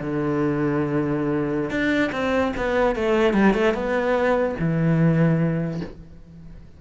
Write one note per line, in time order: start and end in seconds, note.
0.00 1.70 D3
1.70 2.11 D4
2.12 2.53 C4
2.57 2.96 B3
2.96 3.34 A3
3.34 3.54 G3
3.54 3.74 A3
3.74 4.55 B3
4.59 5.81 E3